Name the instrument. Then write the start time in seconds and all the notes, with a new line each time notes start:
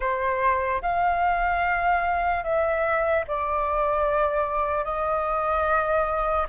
flute
0.00 C5
0.81 F5
2.43 E5
3.27 D5
4.84 D#5